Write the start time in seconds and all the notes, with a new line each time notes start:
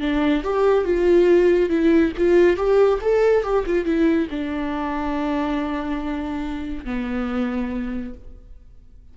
0.00 D4
0.44 G4
0.85 F4
1.69 E4
2.17 F4
2.57 G4
3.01 A4
3.43 G4
3.66 F4
3.85 E4
4.30 D4
6.85 B3